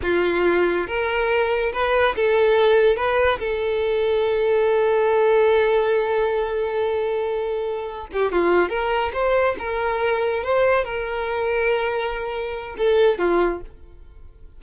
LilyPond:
\new Staff \with { instrumentName = "violin" } { \time 4/4 \tempo 4 = 141 f'2 ais'2 | b'4 a'2 b'4 | a'1~ | a'1~ |
a'2. g'8 f'8~ | f'8 ais'4 c''4 ais'4.~ | ais'8 c''4 ais'2~ ais'8~ | ais'2 a'4 f'4 | }